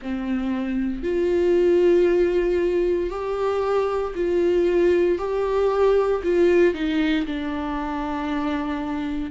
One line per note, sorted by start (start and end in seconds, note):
0.01 1.03 C4
1.03 3.10 F4
3.10 4.13 G4
4.15 5.18 F4
5.18 6.22 G4
6.24 6.73 F4
6.73 7.25 D#4
7.26 9.31 D4